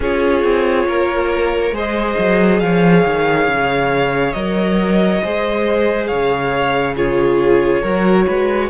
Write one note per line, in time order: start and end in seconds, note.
0.00 0.43 C#4
0.00 1.73 F4
0.00 0.87 G#4
0.00 1.75 C#5
0.43 0.86 C4
0.87 1.71 A#3
0.87 1.74 A#4
1.71 2.14 G#3
1.71 4.34 G#4
1.71 2.61 C5
1.77 2.59 D#5
2.18 2.61 F#3
2.59 3.05 F3
2.59 5.22 C#5
2.59 4.32 F5
3.05 3.47 D#3
3.47 4.34 C#3
4.32 5.21 F#3
4.32 5.22 A#4
4.32 6.06 D#5
5.22 6.11 G#3
5.22 6.96 G#4
5.22 6.07 C5
6.07 7.82 C#3
6.07 6.94 C#5
6.07 6.94 F5
6.96 7.83 F4
6.96 7.82 G#4
6.96 8.69 C#5
7.82 8.26 F#3
7.82 8.69 F#4
7.82 8.25 A#4
8.26 8.69 G#3
8.26 8.69 B4